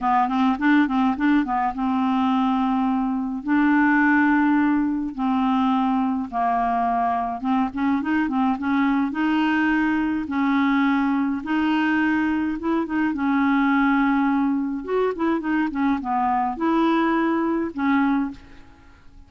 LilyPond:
\new Staff \with { instrumentName = "clarinet" } { \time 4/4 \tempo 4 = 105 b8 c'8 d'8 c'8 d'8 b8 c'4~ | c'2 d'2~ | d'4 c'2 ais4~ | ais4 c'8 cis'8 dis'8 c'8 cis'4 |
dis'2 cis'2 | dis'2 e'8 dis'8 cis'4~ | cis'2 fis'8 e'8 dis'8 cis'8 | b4 e'2 cis'4 | }